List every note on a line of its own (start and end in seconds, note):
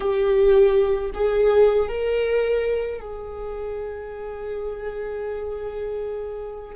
0.00 1.10 G4
1.14 1.88 G#4
1.88 3.00 A#4
3.00 6.75 G#4